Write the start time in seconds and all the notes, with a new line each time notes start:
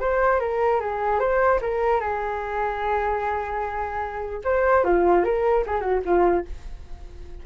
0.00 C5
0.40 A#4
0.80 G#4
1.20 C5
1.61 A#4
2.00 G#4
4.44 C5
4.84 F4
5.24 A#4
5.67 G#4
5.81 F#4
6.05 F4